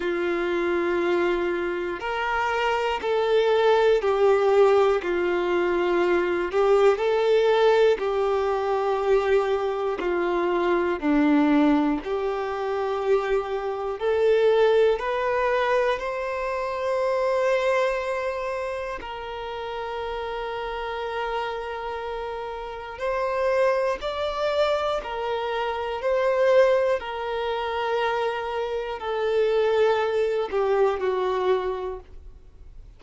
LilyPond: \new Staff \with { instrumentName = "violin" } { \time 4/4 \tempo 4 = 60 f'2 ais'4 a'4 | g'4 f'4. g'8 a'4 | g'2 f'4 d'4 | g'2 a'4 b'4 |
c''2. ais'4~ | ais'2. c''4 | d''4 ais'4 c''4 ais'4~ | ais'4 a'4. g'8 fis'4 | }